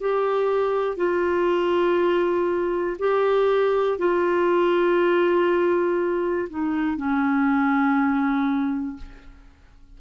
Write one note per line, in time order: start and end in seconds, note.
0.00 0.97 G4
0.97 2.97 F4
2.99 3.98 G4
3.98 6.48 F4
6.49 6.97 D#4
6.97 8.97 C#4